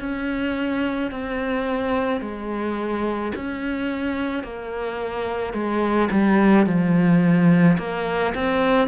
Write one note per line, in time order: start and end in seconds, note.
0.00 1.11 C#4
1.11 2.21 C4
2.21 3.32 G#3
3.35 4.43 C#4
4.43 5.54 A#3
5.54 6.09 G#3
6.11 6.67 G3
6.67 7.78 F3
7.78 8.34 A#3
8.35 8.88 C4